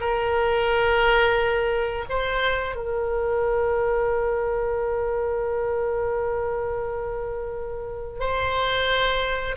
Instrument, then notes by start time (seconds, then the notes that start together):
oboe
0.00 A#4
2.09 C5
2.75 A#4
8.19 C5